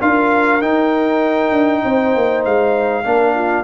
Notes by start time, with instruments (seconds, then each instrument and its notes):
0.00 tuba D4, trombone F4, horn A#4, trumpet F5
0.61 tuba D#4, trombone D#4, trumpet G5
1.52 tuba D4
1.83 tuba C4, horn C5
2.15 tuba A#3
2.45 tuba G#3, trumpet F5
3.04 tuba A#3, trombone D4, horn A#4
3.34 horn F4